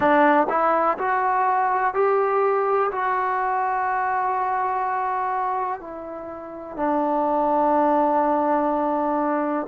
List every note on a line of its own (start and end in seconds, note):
0.00 0.47 D4
0.49 0.97 E4
0.98 1.94 F#4
1.94 2.90 G4
2.91 5.80 F#4
5.80 6.76 E4
6.76 9.66 D4